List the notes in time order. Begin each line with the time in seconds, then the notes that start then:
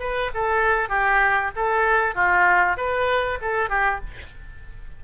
0.00 B4
0.35 A4
0.89 G4
1.56 A4
2.15 F4
2.77 B4
3.41 A4
3.69 G4